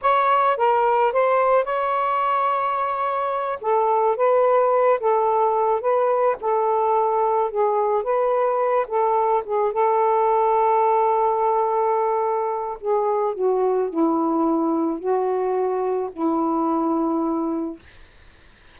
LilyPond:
\new Staff \with { instrumentName = "saxophone" } { \time 4/4 \tempo 4 = 108 cis''4 ais'4 c''4 cis''4~ | cis''2~ cis''8 a'4 b'8~ | b'4 a'4. b'4 a'8~ | a'4. gis'4 b'4. |
a'4 gis'8 a'2~ a'8~ | a'2. gis'4 | fis'4 e'2 fis'4~ | fis'4 e'2. | }